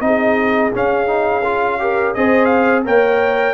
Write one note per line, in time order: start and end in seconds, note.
0.00 0.71 C4
0.00 0.71 D#4
0.00 1.81 G#4
0.00 0.71 D#5
0.74 1.06 C#4
0.74 2.16 C#4
0.74 2.14 F5
1.06 1.41 D#4
1.43 1.79 F4
1.79 2.14 G4
1.79 2.16 A#4
2.14 2.86 C4
2.14 2.84 G#4
2.14 2.85 C5
2.14 2.45 D#5
2.45 2.80 F5
2.84 3.54 A#3
2.84 3.54 A#4
2.84 3.54 C#5
2.84 3.54 G5